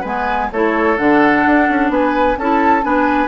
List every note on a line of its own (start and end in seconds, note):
0.00 0.50 G#3
0.00 0.51 B3
0.00 0.47 B4
0.00 0.50 G#5
0.51 0.98 A3
0.51 0.97 E4
0.51 1.92 A4
0.51 0.97 C#5
0.97 1.45 D3
0.97 2.37 D4
0.97 1.91 F#5
1.46 1.69 D4
1.69 1.89 C#4
1.89 2.36 B3
1.89 2.38 B4
1.89 2.37 G#5
2.37 2.84 C#4
2.37 2.82 E4
2.37 2.85 A4
2.37 2.84 A5
2.82 3.28 B3
2.82 3.28 D4
2.82 3.28 B4
2.82 3.28 G#5